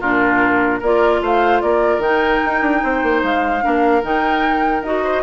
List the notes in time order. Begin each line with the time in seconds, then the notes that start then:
0.00 A#2 D4 F4 A#4
0.80 A#3 F4 A#4 D5
1.21 A3 C5 F5
1.61 A#3 A#4 D5
1.98 D#3 D#4 G5
2.45 D#4
2.61 D4
2.83 C4 C5
3.03 A#3
3.22 G#3 F5
3.62 A#3 D4 A#4
4.02 D#3 D#4 G5
4.82 D#4 F#4 D#5
5.04 C5